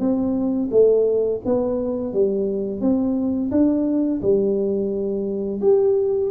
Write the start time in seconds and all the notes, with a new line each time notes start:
0.00 C4
0.71 A3
1.46 B3
2.13 G3
2.81 C4
3.51 D4
4.22 G3
5.61 G4